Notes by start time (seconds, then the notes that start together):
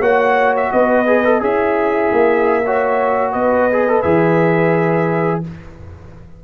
0.00 A#3 F#4 C#5 F#5
0.57 E5
0.72 B3 B4 D#5
1.07 G#4
1.25 A4
1.41 C#4 E4 G#4 E5
2.12 A#3
2.65 F#4 C#5
3.32 B3 B4 D#5
3.72 G#4
3.88 A4
4.02 E3 G#4 E5